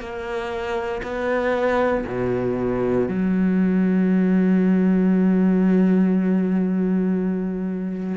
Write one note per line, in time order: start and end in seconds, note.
0.00 1.02 A#3
1.03 2.05 B3
2.07 3.09 B2
3.09 8.17 F#3